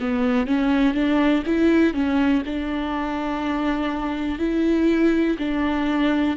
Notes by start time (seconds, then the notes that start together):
0.00 B3
0.46 C#4
0.94 D4
1.46 E4
1.94 C#4
2.45 D4
4.39 E4
5.38 D4